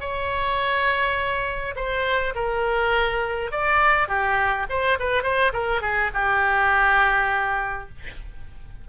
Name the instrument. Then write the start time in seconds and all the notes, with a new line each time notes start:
oboe
0.00 C#5
1.76 C5
2.35 A#4
3.51 D5
4.08 G4
4.69 C5
4.99 B4
5.23 C5
5.53 A#4
5.81 G#4
6.14 G4